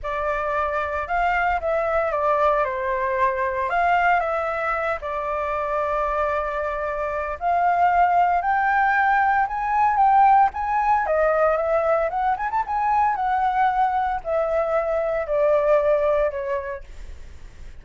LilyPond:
\new Staff \with { instrumentName = "flute" } { \time 4/4 \tempo 4 = 114 d''2 f''4 e''4 | d''4 c''2 f''4 | e''4. d''2~ d''8~ | d''2 f''2 |
g''2 gis''4 g''4 | gis''4 dis''4 e''4 fis''8 gis''16 a''16 | gis''4 fis''2 e''4~ | e''4 d''2 cis''4 | }